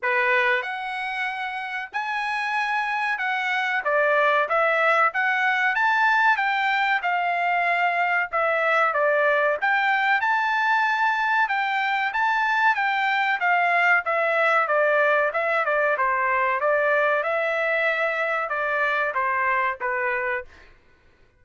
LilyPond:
\new Staff \with { instrumentName = "trumpet" } { \time 4/4 \tempo 4 = 94 b'4 fis''2 gis''4~ | gis''4 fis''4 d''4 e''4 | fis''4 a''4 g''4 f''4~ | f''4 e''4 d''4 g''4 |
a''2 g''4 a''4 | g''4 f''4 e''4 d''4 | e''8 d''8 c''4 d''4 e''4~ | e''4 d''4 c''4 b'4 | }